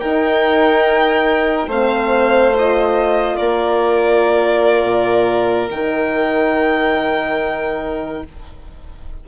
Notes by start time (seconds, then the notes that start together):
0.00 D#4 A#4 G5
1.68 A3 C4 C5 F5
2.55 F4 D#5
3.37 A#3 A#4 D5
4.84 A#2
5.70 D#3 D#4 G5